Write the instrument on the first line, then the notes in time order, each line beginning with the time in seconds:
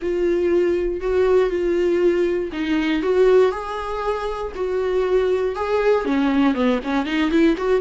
viola
0.02 F4
1.00 F#4
1.50 F4
2.52 D#4
3.02 F#4
3.51 G#4
4.55 F#4
5.55 G#4
6.05 C#4
6.54 B3
6.83 C#4
7.05 D#4
7.30 E4
7.57 F#4